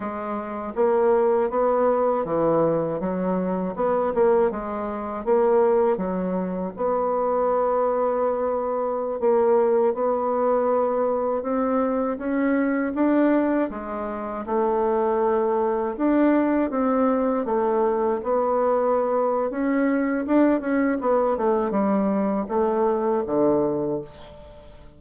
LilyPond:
\new Staff \with { instrumentName = "bassoon" } { \time 4/4 \tempo 4 = 80 gis4 ais4 b4 e4 | fis4 b8 ais8 gis4 ais4 | fis4 b2.~ | b16 ais4 b2 c'8.~ |
c'16 cis'4 d'4 gis4 a8.~ | a4~ a16 d'4 c'4 a8.~ | a16 b4.~ b16 cis'4 d'8 cis'8 | b8 a8 g4 a4 d4 | }